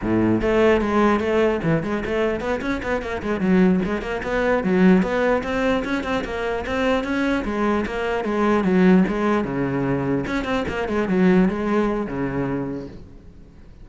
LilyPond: \new Staff \with { instrumentName = "cello" } { \time 4/4 \tempo 4 = 149 a,4 a4 gis4 a4 | e8 gis8 a4 b8 cis'8 b8 ais8 | gis8 fis4 gis8 ais8 b4 fis8~ | fis8 b4 c'4 cis'8 c'8 ais8~ |
ais8 c'4 cis'4 gis4 ais8~ | ais8 gis4 fis4 gis4 cis8~ | cis4. cis'8 c'8 ais8 gis8 fis8~ | fis8 gis4. cis2 | }